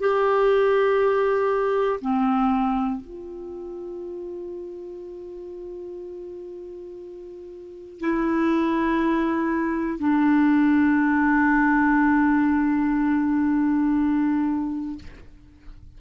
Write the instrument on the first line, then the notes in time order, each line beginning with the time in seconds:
clarinet
0.00 G4
2.01 C4
3.01 F4
8.00 E4
9.99 D4